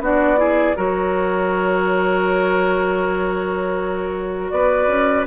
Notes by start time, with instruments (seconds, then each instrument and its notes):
0.00 bassoon B3, clarinet D4, oboe F#4, flute D5
0.37 clarinet E4, oboe G#4
0.76 bassoon F#3, clarinet F#4, oboe A#4, flute C#5
4.50 bassoon B3, oboe B4, flute D5
4.87 bassoon C#4